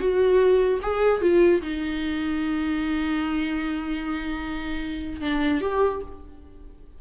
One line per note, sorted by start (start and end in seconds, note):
0.00 0.80 F#4
0.82 1.21 G#4
1.21 1.61 F4
1.62 5.21 D#4
5.21 5.61 D4
5.61 6.01 G4